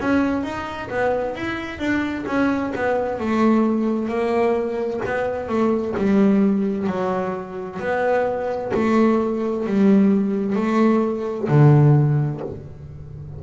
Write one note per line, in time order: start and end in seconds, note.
0.00 0.43 C#4
0.43 0.89 D#4
0.90 1.36 B3
1.36 1.79 E4
1.79 2.25 D4
2.27 2.73 C#4
2.76 3.20 B3
3.20 4.08 A3
4.08 5.01 A#3
5.06 5.48 B3
5.48 5.95 A3
5.97 6.87 G3
6.87 7.80 F#3
7.80 8.72 B3
8.74 9.66 A3
9.66 10.56 G3
10.56 11.48 A3
11.49 12.41 D3